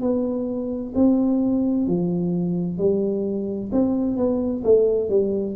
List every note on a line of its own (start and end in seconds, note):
0.00 0.92 B3
0.94 1.87 C4
1.87 2.78 F3
2.78 3.70 G3
3.71 4.16 C4
4.16 4.62 B3
4.64 5.09 A3
5.09 5.55 G3